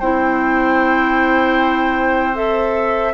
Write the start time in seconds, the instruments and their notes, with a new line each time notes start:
0.00 bassoon C4, clarinet E4, oboe C5, flute G5
2.35 clarinet A4, flute E5